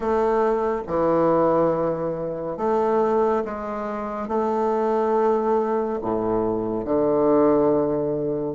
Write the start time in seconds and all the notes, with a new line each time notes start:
0.00 A3
0.87 E3
2.57 A3
3.44 G#3
4.27 A3
6.02 A2
6.85 D3